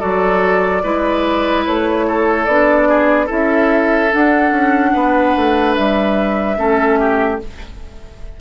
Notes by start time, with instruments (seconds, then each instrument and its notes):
0.00 bassoon F#3, clarinet F#4, oboe A4, flute D5
0.83 bassoon G#3, clarinet E4, oboe B4
1.66 bassoon A3, flute C#5
2.08 oboe A4
2.45 bassoon B3, clarinet D4, flute D5
2.89 oboe G#4
3.26 bassoon C#4, clarinet E4, oboe A4, flute E5
4.11 clarinet D4, bassoon D4, flute F#5
4.52 bassoon C#4
4.93 bassoon B3, oboe B4
5.36 bassoon A3
5.75 bassoon G3, flute E5
6.57 bassoon A3, clarinet C#4, oboe A4
7.00 oboe G4